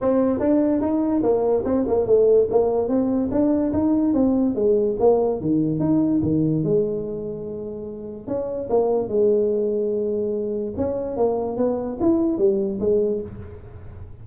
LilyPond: \new Staff \with { instrumentName = "tuba" } { \time 4/4 \tempo 4 = 145 c'4 d'4 dis'4 ais4 | c'8 ais8 a4 ais4 c'4 | d'4 dis'4 c'4 gis4 | ais4 dis4 dis'4 dis4 |
gis1 | cis'4 ais4 gis2~ | gis2 cis'4 ais4 | b4 e'4 g4 gis4 | }